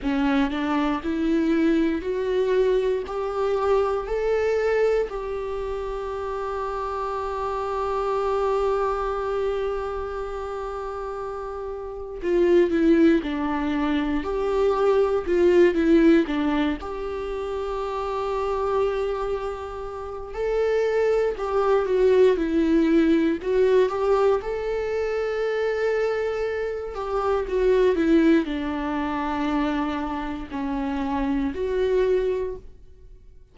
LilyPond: \new Staff \with { instrumentName = "viola" } { \time 4/4 \tempo 4 = 59 cis'8 d'8 e'4 fis'4 g'4 | a'4 g'2.~ | g'1 | f'8 e'8 d'4 g'4 f'8 e'8 |
d'8 g'2.~ g'8 | a'4 g'8 fis'8 e'4 fis'8 g'8 | a'2~ a'8 g'8 fis'8 e'8 | d'2 cis'4 fis'4 | }